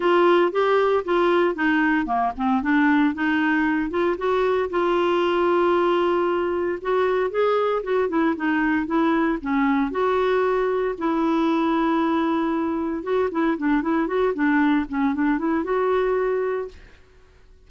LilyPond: \new Staff \with { instrumentName = "clarinet" } { \time 4/4 \tempo 4 = 115 f'4 g'4 f'4 dis'4 | ais8 c'8 d'4 dis'4. f'8 | fis'4 f'2.~ | f'4 fis'4 gis'4 fis'8 e'8 |
dis'4 e'4 cis'4 fis'4~ | fis'4 e'2.~ | e'4 fis'8 e'8 d'8 e'8 fis'8 d'8~ | d'8 cis'8 d'8 e'8 fis'2 | }